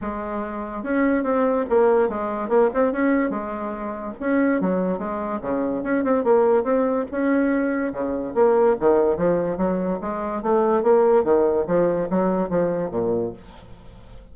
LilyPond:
\new Staff \with { instrumentName = "bassoon" } { \time 4/4 \tempo 4 = 144 gis2 cis'4 c'4 | ais4 gis4 ais8 c'8 cis'4 | gis2 cis'4 fis4 | gis4 cis4 cis'8 c'8 ais4 |
c'4 cis'2 cis4 | ais4 dis4 f4 fis4 | gis4 a4 ais4 dis4 | f4 fis4 f4 ais,4 | }